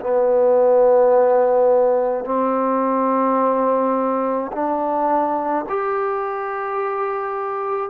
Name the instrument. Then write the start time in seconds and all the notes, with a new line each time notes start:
trombone
0.00 B3
2.25 C4
4.52 D4
5.69 G4